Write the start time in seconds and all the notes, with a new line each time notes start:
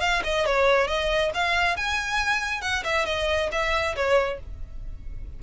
0.00 F5
0.24 D#5
0.45 C#5
0.87 D#5
1.34 F5
1.76 G#5
2.61 F#5
2.84 E5
3.06 D#5
3.51 E5
3.95 C#5